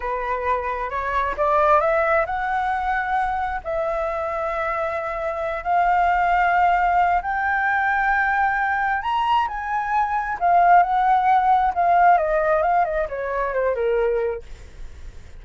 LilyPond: \new Staff \with { instrumentName = "flute" } { \time 4/4 \tempo 4 = 133 b'2 cis''4 d''4 | e''4 fis''2. | e''1~ | e''8 f''2.~ f''8 |
g''1 | ais''4 gis''2 f''4 | fis''2 f''4 dis''4 | f''8 dis''8 cis''4 c''8 ais'4. | }